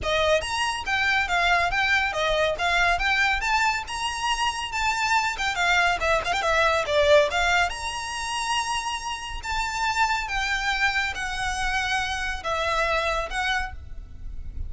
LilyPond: \new Staff \with { instrumentName = "violin" } { \time 4/4 \tempo 4 = 140 dis''4 ais''4 g''4 f''4 | g''4 dis''4 f''4 g''4 | a''4 ais''2 a''4~ | a''8 g''8 f''4 e''8 f''16 g''16 e''4 |
d''4 f''4 ais''2~ | ais''2 a''2 | g''2 fis''2~ | fis''4 e''2 fis''4 | }